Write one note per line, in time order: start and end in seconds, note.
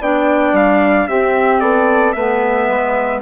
0.00 0.53 B3
0.00 1.08 D4
0.00 1.07 D5
0.00 0.56 G5
0.53 1.06 G3
0.53 1.08 F5
1.08 2.16 C4
1.08 1.60 C4
1.08 1.61 G4
1.08 1.60 E5
1.60 2.14 B3
1.60 2.14 A4
1.60 2.12 D5
2.12 2.68 A3
2.12 3.22 B3
2.12 3.22 B4
2.12 3.20 E5
2.68 3.22 G#3